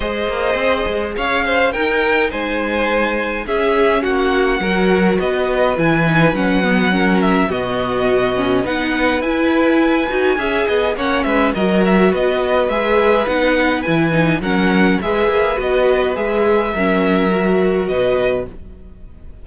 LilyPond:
<<
  \new Staff \with { instrumentName = "violin" } { \time 4/4 \tempo 4 = 104 dis''2 f''4 g''4 | gis''2 e''4 fis''4~ | fis''4 dis''4 gis''4 fis''4~ | fis''8 e''8 dis''2 fis''4 |
gis''2. fis''8 e''8 | dis''8 e''8 dis''4 e''4 fis''4 | gis''4 fis''4 e''4 dis''4 | e''2. dis''4 | }
  \new Staff \with { instrumentName = "violin" } { \time 4/4 c''2 cis''8 c''8 ais'4 | c''2 gis'4 fis'4 | ais'4 b'2. | ais'4 fis'2 b'4~ |
b'2 e''8 dis''8 cis''8 b'8 | ais'4 b'2.~ | b'4 ais'4 b'2~ | b'4 ais'2 b'4 | }
  \new Staff \with { instrumentName = "viola" } { \time 4/4 gis'2. dis'4~ | dis'2 cis'2 | fis'2 e'8 dis'8 cis'8 b8 | cis'4 b4. cis'8 dis'4 |
e'4. fis'8 gis'4 cis'4 | fis'2 gis'4 dis'4 | e'8 dis'8 cis'4 gis'4 fis'4 | gis'4 cis'4 fis'2 | }
  \new Staff \with { instrumentName = "cello" } { \time 4/4 gis8 ais8 c'8 gis8 cis'4 dis'4 | gis2 cis'4 ais4 | fis4 b4 e4 fis4~ | fis4 b,2 b4 |
e'4. dis'8 cis'8 b8 ais8 gis8 | fis4 b4 gis4 b4 | e4 fis4 gis8 ais8 b4 | gis4 fis2 b,4 | }
>>